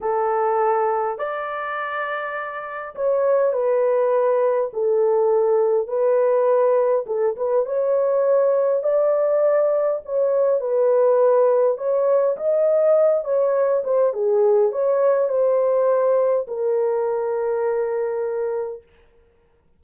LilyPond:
\new Staff \with { instrumentName = "horn" } { \time 4/4 \tempo 4 = 102 a'2 d''2~ | d''4 cis''4 b'2 | a'2 b'2 | a'8 b'8 cis''2 d''4~ |
d''4 cis''4 b'2 | cis''4 dis''4. cis''4 c''8 | gis'4 cis''4 c''2 | ais'1 | }